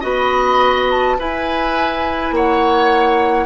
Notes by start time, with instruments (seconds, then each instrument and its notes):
0.00 bassoon B3, clarinet F#4, oboe D#5, flute B5
0.91 flute A5
1.18 clarinet E4, bassoon E4, oboe B4, flute G#5
2.31 bassoon A#3, oboe C#5, flute F#5